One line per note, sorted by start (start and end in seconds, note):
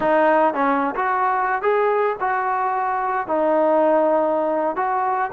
0.00 0.54 D#4
0.54 0.94 C#4
0.95 1.62 F#4
1.62 2.16 G#4
2.20 3.27 F#4
3.27 4.76 D#4
4.76 5.30 F#4